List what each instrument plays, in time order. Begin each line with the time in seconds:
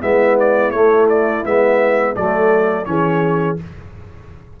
0.00 tuba G#3, trombone B3, horn E4, trumpet E5
0.39 trumpet D5
0.70 tuba A3, trombone A3, trumpet C#5
1.09 trumpet D5
1.44 tuba G#3, trombone B3, trumpet E5
2.15 tuba F#3, trombone A3, horn A4, trumpet D5
2.85 tuba E3, trombone C#4, horn G#4, trumpet C#5